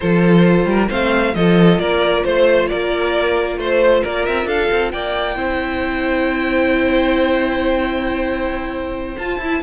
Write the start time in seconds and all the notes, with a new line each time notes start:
0.00 F3 F4 A4 C5
0.65 G3 A#4
0.89 A3 C4 C5 F5
1.34 F3 F4 A4 D#5
1.79 A#3 A#4 D5
2.24 A3 C5
2.68 A#3 A#4 D5
3.57 A3 C5
4.02 A#3 A#4 D5
4.25 C4 E5
4.45 D4 A4 F5
4.71 C4
4.91 A#3 D5 G5
5.35 C4 E4 C5
9.18 F4 A5
9.38 E4